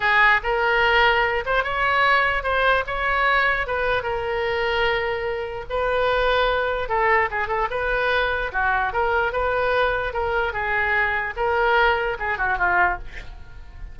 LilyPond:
\new Staff \with { instrumentName = "oboe" } { \time 4/4 \tempo 4 = 148 gis'4 ais'2~ ais'8 c''8 | cis''2 c''4 cis''4~ | cis''4 b'4 ais'2~ | ais'2 b'2~ |
b'4 a'4 gis'8 a'8 b'4~ | b'4 fis'4 ais'4 b'4~ | b'4 ais'4 gis'2 | ais'2 gis'8 fis'8 f'4 | }